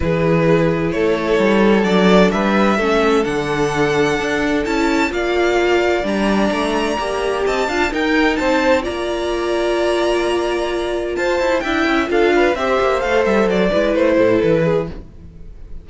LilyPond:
<<
  \new Staff \with { instrumentName = "violin" } { \time 4/4 \tempo 4 = 129 b'2 cis''2 | d''4 e''2 fis''4~ | fis''2 a''4 f''4~ | f''4 ais''2. |
a''4 g''4 a''4 ais''4~ | ais''1 | a''4 g''4 f''4 e''4 | f''8 e''8 d''4 c''4 b'4 | }
  \new Staff \with { instrumentName = "violin" } { \time 4/4 gis'2 a'2~ | a'4 b'4 a'2~ | a'2. d''4~ | d''1 |
dis''8 f''8 ais'4 c''4 d''4~ | d''1 | c''4 e''4 a'8 b'8 c''4~ | c''4. b'4 a'4 gis'8 | }
  \new Staff \with { instrumentName = "viola" } { \time 4/4 e'1 | d'2 cis'4 d'4~ | d'2 e'4 f'4~ | f'4 d'2 g'4~ |
g'8 f'8 dis'2 f'4~ | f'1~ | f'4 e'4 f'4 g'4 | a'4. e'2~ e'8 | }
  \new Staff \with { instrumentName = "cello" } { \time 4/4 e2 a4 g4 | fis4 g4 a4 d4~ | d4 d'4 cis'4 ais4~ | ais4 g4 a4 ais4 |
c'8 d'8 dis'4 c'4 ais4~ | ais1 | f'8 e'8 d'8 cis'8 d'4 c'8 ais8 | a8 g8 fis8 gis8 a8 a,8 e4 | }
>>